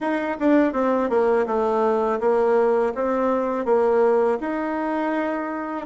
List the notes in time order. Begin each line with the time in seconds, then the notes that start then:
0.00 D#4
0.39 D4
0.73 C4
1.09 A#3
1.46 A3
2.20 A#3
2.95 C4
3.65 A#3
4.40 D#4